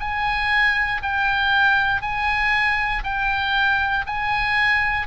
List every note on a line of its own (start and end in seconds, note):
0.00 1.02 G#5
1.03 2.02 G5
2.02 3.03 G#5
3.04 4.05 G5
4.06 5.07 G#5